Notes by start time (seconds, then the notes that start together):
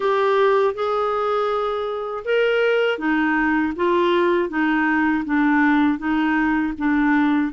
0.00 G4
0.74 G#4
2.24 A#4
2.98 D#4
3.76 F4
4.49 D#4
5.25 D4
5.98 D#4
6.78 D4